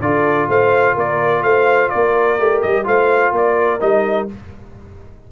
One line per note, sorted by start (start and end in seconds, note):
0.00 0.48 D3
0.00 2.39 F4
0.00 0.49 A4
0.00 0.48 D5
0.48 0.95 A3
0.48 0.94 C5
0.48 0.98 F5
0.94 1.42 A#3
0.94 1.42 A#4
0.94 1.43 D5
1.42 1.90 A3
1.42 1.91 C5
1.42 1.89 F5
1.89 2.39 A#3
1.89 2.86 A#4
1.89 2.61 D5
2.39 2.63 A3
2.39 2.84 G4
2.62 2.86 G3
2.62 2.85 D#5
2.84 3.32 A3
2.84 3.79 F4
2.84 3.33 C5
2.84 3.35 F5
3.32 3.79 A#3
3.32 4.31 A#4
3.32 3.81 D5
3.80 4.29 G3
3.80 4.28 D#4
3.80 4.28 D#5